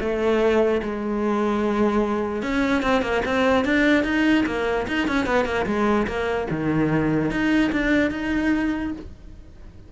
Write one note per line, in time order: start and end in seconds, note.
0.00 0.81 A3
0.82 2.43 G#3
2.43 2.82 C#4
2.82 3.02 C4
3.02 3.22 A#3
3.25 3.65 C4
3.65 4.04 D4
4.04 4.45 D#4
4.46 4.87 A#3
4.88 5.08 D#4
5.08 5.26 C#4
5.26 5.45 B3
5.45 5.66 A#3
5.66 6.07 G#3
6.07 6.48 A#3
6.50 7.31 D#3
7.31 7.71 D#4
7.72 8.11 D4
8.11 8.92 D#4